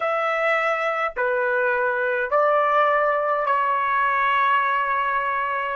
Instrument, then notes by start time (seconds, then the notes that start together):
trumpet
0.00 E5
1.16 B4
2.30 D5
3.46 C#5